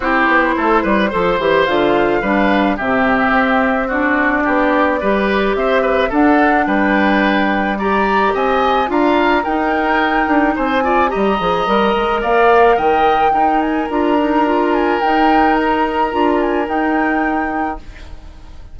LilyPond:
<<
  \new Staff \with { instrumentName = "flute" } { \time 4/4 \tempo 4 = 108 c''2. f''4~ | f''4 e''2 d''4~ | d''2 e''4 fis''4 | g''2 ais''4 gis''4 |
ais''4 g''2 gis''4 | ais''2 f''4 g''4~ | g''8 gis''8 ais''4. gis''8 g''4 | ais''4. gis''8 g''2 | }
  \new Staff \with { instrumentName = "oboe" } { \time 4/4 g'4 a'8 b'8 c''2 | b'4 g'2 fis'4 | g'4 b'4 c''8 b'8 a'4 | b'2 d''4 dis''4 |
f''4 ais'2 c''8 d''8 | dis''2 d''4 dis''4 | ais'1~ | ais'1 | }
  \new Staff \with { instrumentName = "clarinet" } { \time 4/4 e'2 a'8 g'8 f'4 | d'4 c'2 d'4~ | d'4 g'2 d'4~ | d'2 g'2 |
f'4 dis'2~ dis'8 f'8 | g'8 gis'8 ais'2. | dis'4 f'8 dis'8 f'4 dis'4~ | dis'4 f'4 dis'2 | }
  \new Staff \with { instrumentName = "bassoon" } { \time 4/4 c'8 b8 a8 g8 f8 e8 d4 | g4 c4 c'2 | b4 g4 c'4 d'4 | g2. c'4 |
d'4 dis'4. d'8 c'4 | g8 f8 g8 gis8 ais4 dis4 | dis'4 d'2 dis'4~ | dis'4 d'4 dis'2 | }
>>